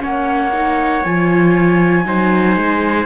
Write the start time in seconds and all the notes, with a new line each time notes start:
0.00 A#3 C#4 C#5 F#5
0.53 D#4
1.05 F3 F4 G#5
2.05 F#3 D#4 C5
2.57 G#3